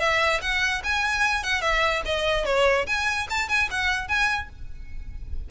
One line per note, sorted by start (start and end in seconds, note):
0.00 0.41 E5
0.42 0.83 F#5
0.84 1.44 G#5
1.44 1.62 F#5
1.62 2.02 E5
2.06 2.46 D#5
2.46 2.86 C#5
2.87 3.28 G#5
3.30 3.49 A5
3.49 3.69 G#5
3.71 4.09 F#5
4.09 4.50 G#5